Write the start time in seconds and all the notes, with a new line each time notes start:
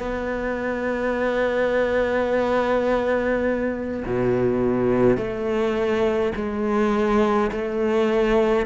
0.00 B3
4.05 B2
5.17 A3
6.36 G#3
7.52 A3